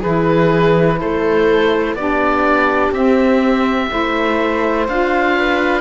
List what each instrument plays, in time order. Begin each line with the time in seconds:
0.00 cello E3, saxophone E4, viola G#4, oboe B4
1.00 cello A3, viola A4, oboe C5
1.94 cello B3, saxophone D4, viola G4, oboe D5
2.92 cello C4, saxophone C4, oboe E5
3.90 cello A3, saxophone E4, viola C5
4.88 cello D4, saxophone F4, oboe F5
5.37 viola B4